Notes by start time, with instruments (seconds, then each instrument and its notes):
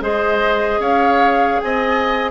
0.00 bassoon G#3, clarinet G#4, oboe C5, flute D#5
0.78 bassoon C#4, oboe C#5, flute F5
1.60 bassoon C4, oboe D#5, flute G#5